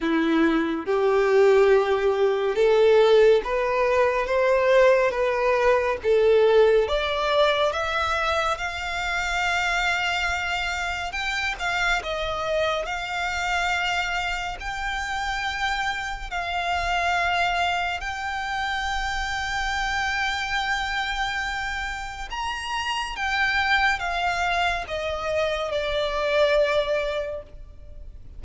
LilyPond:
\new Staff \with { instrumentName = "violin" } { \time 4/4 \tempo 4 = 70 e'4 g'2 a'4 | b'4 c''4 b'4 a'4 | d''4 e''4 f''2~ | f''4 g''8 f''8 dis''4 f''4~ |
f''4 g''2 f''4~ | f''4 g''2.~ | g''2 ais''4 g''4 | f''4 dis''4 d''2 | }